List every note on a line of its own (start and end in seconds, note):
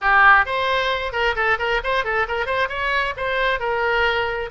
0.01 0.45 G4
0.45 1.12 C5
1.12 1.35 A#4
1.35 1.58 A4
1.58 1.81 A#4
1.83 2.04 C5
2.04 2.26 A4
2.27 2.45 A#4
2.45 2.68 C5
2.68 3.14 C#5
3.16 3.59 C5
3.59 4.50 A#4